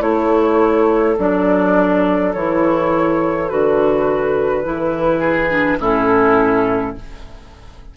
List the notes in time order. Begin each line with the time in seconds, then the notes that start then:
0.00 A3 E4 A4 C#5
1.19 F#3 D4 D5
2.34 E3 E4 C#5
3.49 D3 F#4 B4
4.64 E3 E4
5.20 G#4
5.50 D4
5.80 A2 C#4 E4 A4